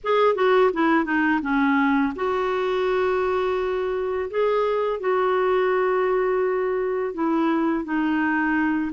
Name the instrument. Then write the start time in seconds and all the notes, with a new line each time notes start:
clarinet
0.03 G#4
0.35 F#4
0.73 E4
1.05 D#4
1.41 C#4
2.15 F#4
4.30 G#4
4.99 F#4
7.14 E4
7.84 D#4